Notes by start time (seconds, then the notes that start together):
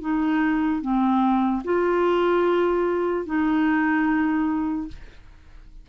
0.00 D#4
0.81 C4
1.64 F4
3.25 D#4